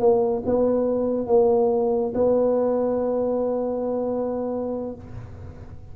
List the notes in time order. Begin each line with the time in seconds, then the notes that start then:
0.00 A#3
0.46 B3
1.27 A#3
2.14 B3